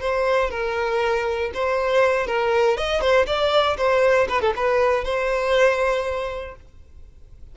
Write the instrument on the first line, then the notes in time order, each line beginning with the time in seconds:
violin
0.00 C5
0.50 A#4
1.54 C5
2.27 A#4
2.77 D#5
3.00 C5
3.26 D5
3.77 C5
4.29 B4
4.41 A4
4.55 B4
5.04 C5